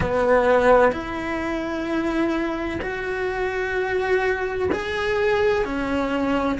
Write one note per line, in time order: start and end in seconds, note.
0.00 0.92 B3
0.92 2.79 E4
2.81 4.69 F#4
4.72 5.65 G#4
5.65 6.58 C#4